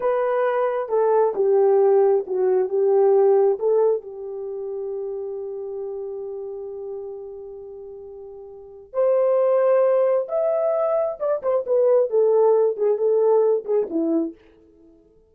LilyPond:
\new Staff \with { instrumentName = "horn" } { \time 4/4 \tempo 4 = 134 b'2 a'4 g'4~ | g'4 fis'4 g'2 | a'4 g'2.~ | g'1~ |
g'1 | c''2. e''4~ | e''4 d''8 c''8 b'4 a'4~ | a'8 gis'8 a'4. gis'8 e'4 | }